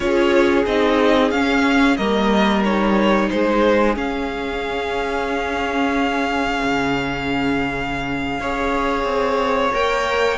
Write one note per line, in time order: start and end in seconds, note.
0.00 0.65 C#4
0.00 0.66 F4
0.00 1.97 G#4
0.00 0.64 C#5
0.66 1.31 C4
0.66 1.32 D#4
0.66 1.30 D#5
1.30 1.97 C#4
1.30 1.99 C#4
1.30 1.96 F5
1.97 3.29 G3
1.97 2.65 A#3
1.97 3.29 A#4
1.97 2.62 D#5
2.64 3.94 D#4
2.64 3.29 C#5
3.29 3.95 G#3
3.29 8.40 G#4
3.29 3.95 C5
3.94 8.39 C#4
3.94 6.59 C#4
3.94 9.73 F5
6.62 8.39 C#3
8.39 9.03 C#4
8.39 9.73 G#4
8.39 10.37 C#5
9.03 9.69 C4
9.73 10.37 A#3
9.73 10.37 A#4
9.73 10.37 G5